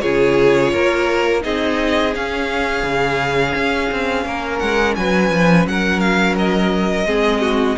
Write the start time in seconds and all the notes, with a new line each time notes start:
0.00 C#3 F4 G#4 C#5
0.72 A#3 A#4
1.41 C4 D#4 G#4 D#5
2.13 C#4 F5
2.83 C#3
3.55 C#4
3.91 C4
4.25 A#3 A#4
4.59 G#3 F#5
4.95 F#3 B4 G#5
5.31 F3
5.66 F#3 A#4 F#5
6.00 F5
6.38 D#5
7.05 G#3 C4 G#4
7.41 F#4